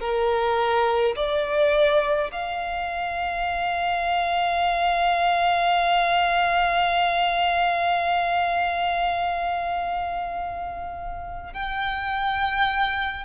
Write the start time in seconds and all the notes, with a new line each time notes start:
0.00 A#4
1.16 D5
2.32 F5
11.53 G5